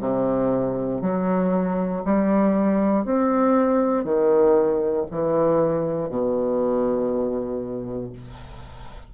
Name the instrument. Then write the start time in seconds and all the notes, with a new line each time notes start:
bassoon
0.00 C3
1.02 F#3
2.04 G3
3.05 C4
4.04 D#3
5.11 E3
6.09 B2